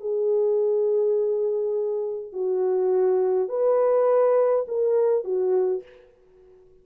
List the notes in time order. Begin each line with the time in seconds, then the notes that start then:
0.00 G#4
2.32 F#4
3.49 B4
4.68 A#4
5.24 F#4